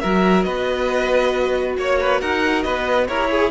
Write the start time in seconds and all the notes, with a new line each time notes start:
0.00 F#3 F#4 A#4 E5
0.43 B3 B4 D#5
1.77 A#3 C#5
2.00 B4
2.20 D#4 A#4 F#5
2.62 B3 B4 D#5
3.08 E4 G4 A#4 C#5
3.30 G#4